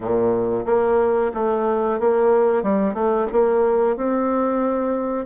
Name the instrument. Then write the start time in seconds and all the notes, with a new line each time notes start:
bassoon
0.00 A#2
0.65 A#3
1.34 A3
1.99 A#3
2.62 G3
2.93 A3
3.31 A#3
3.96 C4